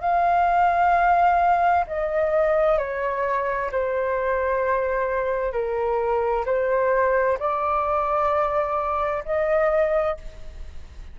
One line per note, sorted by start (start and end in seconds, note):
0.00 1.85 F5
1.87 2.77 D#5
2.77 3.70 C#5
3.71 5.52 C5
5.52 6.44 A#4
6.45 7.38 C5
7.39 9.23 D5
9.25 10.17 D#5